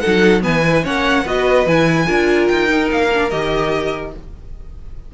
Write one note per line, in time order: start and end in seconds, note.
0.00 0.41 D#4
0.00 0.42 A4
0.00 0.41 F#5
0.06 0.45 F#3
0.41 0.86 E3
0.41 0.61 B3
0.41 0.84 B4
0.41 0.85 G#5
0.63 0.83 E4
0.83 1.25 A#3
0.83 1.24 C#4
0.83 1.23 C#5
0.83 1.27 F#5
1.23 1.66 B3
1.23 1.66 F#4
1.23 2.06 B4
1.23 1.67 D#5
1.66 2.07 E3
1.66 2.07 E4
1.66 2.48 G#5
2.06 2.49 D4
2.06 2.68 F4
2.06 4.12 A#4
2.48 2.91 D#4
2.48 2.89 G5
2.68 3.09 D#4
2.91 3.32 A#3
2.91 3.30 F5
3.14 3.31 D4
3.30 4.14 D#3
3.30 4.13 G4
3.30 4.12 D#5